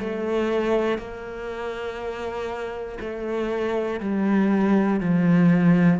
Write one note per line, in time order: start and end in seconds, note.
0.00 0.98 A3
0.98 2.98 A#3
3.00 4.00 A3
4.00 5.00 G3
5.00 6.00 F3